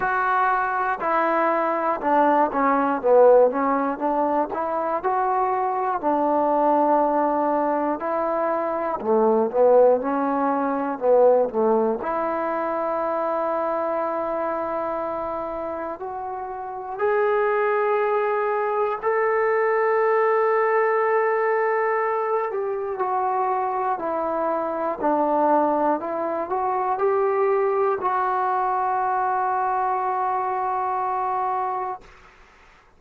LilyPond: \new Staff \with { instrumentName = "trombone" } { \time 4/4 \tempo 4 = 60 fis'4 e'4 d'8 cis'8 b8 cis'8 | d'8 e'8 fis'4 d'2 | e'4 a8 b8 cis'4 b8 a8 | e'1 |
fis'4 gis'2 a'4~ | a'2~ a'8 g'8 fis'4 | e'4 d'4 e'8 fis'8 g'4 | fis'1 | }